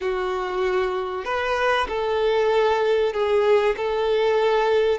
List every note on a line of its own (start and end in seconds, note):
0.00 1.24 F#4
1.24 1.87 B4
1.88 3.13 A4
3.13 3.75 G#4
3.77 4.99 A4